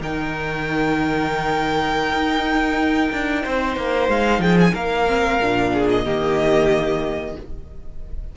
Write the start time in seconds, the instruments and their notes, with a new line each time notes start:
0.00 cello D#3, viola D#4, violin A#4 G5
2.12 cello D#4
3.12 cello D4
3.43 cello C4, violin C5
3.76 cello A#3
4.08 cello G#3, violin F5
4.38 cello F3, violin G#4 G5
4.60 violin G#5
4.73 cello A#3, violin A#4 F5
5.06 viola C4
5.40 cello A#2, viola D4
5.73 violin G#4
5.89 violin D#5
6.04 cello D#3, viola A#3, violin G4